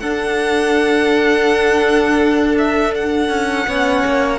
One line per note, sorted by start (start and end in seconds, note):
0.00 3.29 D4
0.00 3.67 D4
0.00 3.68 A4
0.00 2.56 F#5
2.59 2.95 E5
2.95 4.40 F#5
3.29 3.66 C#4
3.67 4.04 B3
3.67 4.40 C#4
3.67 4.40 C#5
4.06 4.40 A#3